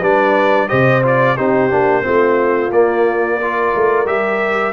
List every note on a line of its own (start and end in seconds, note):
0.00 0.68 G3
0.00 0.68 D4
0.00 0.67 B4
0.00 0.68 D5
0.68 1.38 C3
0.68 1.02 G4
0.68 1.36 C5
0.68 1.02 D#5
1.03 1.36 F4
1.03 1.37 D5
1.36 1.72 C4
1.36 1.70 D#4
1.36 2.03 G4
1.36 2.72 C5
1.70 2.05 A#3
1.70 2.02 D4
2.02 2.71 A3
2.02 2.70 C4
2.02 3.39 F4
2.71 3.72 A#3
2.71 3.41 A#3
2.71 4.07 D5
3.41 4.06 F4
3.41 4.72 A#4
3.75 4.05 A3
4.05 4.72 G3
4.05 4.72 G4
4.05 4.72 E5